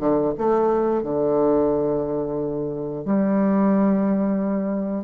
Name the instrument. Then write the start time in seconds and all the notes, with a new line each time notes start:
bassoon
0.00 D3
0.38 A3
1.03 D3
3.05 G3